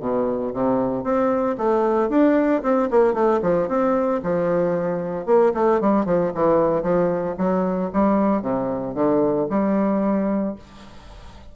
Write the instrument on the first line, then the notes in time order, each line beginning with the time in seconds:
bassoon
0.00 B2
0.54 C3
1.04 C4
1.58 A3
2.10 D4
2.63 C4
2.91 A#3
3.14 A3
3.43 F3
3.68 C4
4.23 F3
5.26 A#3
5.54 A3
5.81 G3
6.06 F3
6.35 E3
6.83 F3
7.38 F#3
7.93 G3
8.42 C3
8.95 D3
9.50 G3